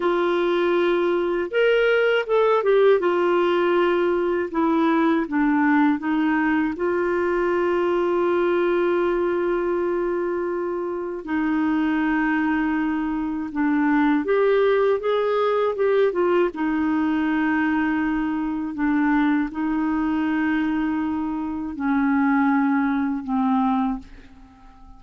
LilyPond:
\new Staff \with { instrumentName = "clarinet" } { \time 4/4 \tempo 4 = 80 f'2 ais'4 a'8 g'8 | f'2 e'4 d'4 | dis'4 f'2.~ | f'2. dis'4~ |
dis'2 d'4 g'4 | gis'4 g'8 f'8 dis'2~ | dis'4 d'4 dis'2~ | dis'4 cis'2 c'4 | }